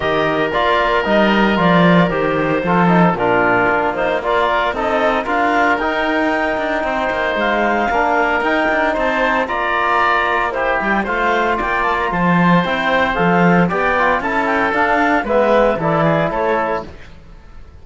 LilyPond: <<
  \new Staff \with { instrumentName = "clarinet" } { \time 4/4 \tempo 4 = 114 dis''4 d''4 dis''4 d''4 | c''2 ais'4. c''8 | d''4 dis''4 f''4 g''4~ | g''2 f''2 |
g''4 a''4 ais''2 | c''8 g''8 f''4 g''8 a''16 ais''16 a''4 | g''4 f''4 g''4 a''8 g''8 | f''4 e''4 d''4 cis''4 | }
  \new Staff \with { instrumentName = "oboe" } { \time 4/4 ais'1~ | ais'4 a'4 f'2 | ais'4 a'4 ais'2~ | ais'4 c''2 ais'4~ |
ais'4 c''4 d''2 | g'4 c''4 d''4 c''4~ | c''2 d''4 a'4~ | a'4 b'4 a'8 gis'8 a'4 | }
  \new Staff \with { instrumentName = "trombone" } { \time 4/4 g'4 f'4 dis'4 f'4 | g'4 f'8 dis'8 d'4. dis'8 | f'4 dis'4 f'4 dis'4~ | dis'2. d'4 |
dis'2 f'2 | e'4 f'2. | e'4 a'4 g'8 f'8 e'4 | d'4 b4 e'2 | }
  \new Staff \with { instrumentName = "cello" } { \time 4/4 dis4 ais4 g4 f4 | dis4 f4 ais,4 ais4~ | ais4 c'4 d'4 dis'4~ | dis'8 d'8 c'8 ais8 gis4 ais4 |
dis'8 d'8 c'4 ais2~ | ais8 g8 a4 ais4 f4 | c'4 f4 b4 cis'4 | d'4 gis4 e4 a4 | }
>>